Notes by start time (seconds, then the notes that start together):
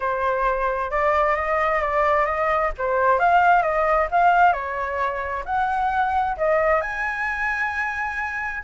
0.00 C5
0.90 D5
1.35 D#5
1.81 D5
2.25 D#5
2.77 C5
3.19 F5
3.62 D#5
4.11 F5
4.52 C#5
5.45 F#5
6.37 D#5
6.81 G#5